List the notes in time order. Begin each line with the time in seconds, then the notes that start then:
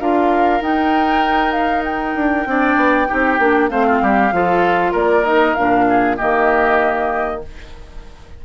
0.00 D4 F4 A#4 F5
0.61 D#4 G5
1.52 F5
1.85 G5
2.16 D4
2.46 C4 D4 D5
2.76 B3
3.08 C4 D#4 G4
3.39 A#3 D4
3.70 A3 C4 C5 F5
3.87 F4
4.02 G3 G4
4.32 F3 F4 A4
4.92 A#3 A#4 D5
5.24 D#4 D#5
5.55 A#2 D4 F5
5.90 G#4
6.17 D#3 A#3 G4 D#5